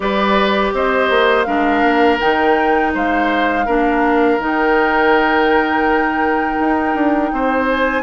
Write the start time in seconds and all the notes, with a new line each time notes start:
0.00 G3 G4 B4 D5
0.73 C4 C5 D#5
1.10 A#3
1.43 G#3 D4 A#4 F5
1.82 A#3
2.19 D#3 D#4 G5
2.94 G#3 C5 F5
3.65 A#3 D4 A#4
4.38 D#3 D#4 G5
6.59 D#4
6.94 D4
7.32 C4 C5
7.68 G#5